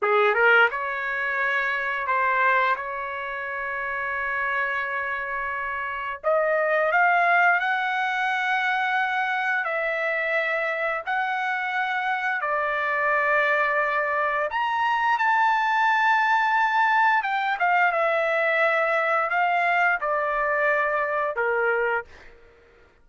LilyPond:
\new Staff \with { instrumentName = "trumpet" } { \time 4/4 \tempo 4 = 87 gis'8 ais'8 cis''2 c''4 | cis''1~ | cis''4 dis''4 f''4 fis''4~ | fis''2 e''2 |
fis''2 d''2~ | d''4 ais''4 a''2~ | a''4 g''8 f''8 e''2 | f''4 d''2 ais'4 | }